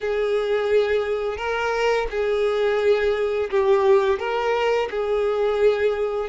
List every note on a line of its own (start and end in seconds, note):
0.00 1.37 G#4
1.37 2.07 A#4
2.10 3.50 G#4
3.50 4.19 G4
4.19 4.88 A#4
4.90 6.29 G#4